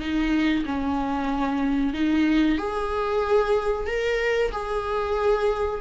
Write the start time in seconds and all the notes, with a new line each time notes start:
0.00 D#4
0.66 C#4
1.94 D#4
2.58 G#4
3.87 A#4
4.52 G#4